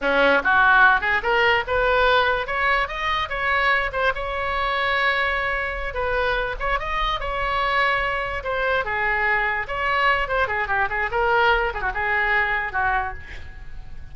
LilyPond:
\new Staff \with { instrumentName = "oboe" } { \time 4/4 \tempo 4 = 146 cis'4 fis'4. gis'8 ais'4 | b'2 cis''4 dis''4 | cis''4. c''8 cis''2~ | cis''2~ cis''8 b'4. |
cis''8 dis''4 cis''2~ cis''8~ | cis''8 c''4 gis'2 cis''8~ | cis''4 c''8 gis'8 g'8 gis'8 ais'4~ | ais'8 gis'16 fis'16 gis'2 fis'4 | }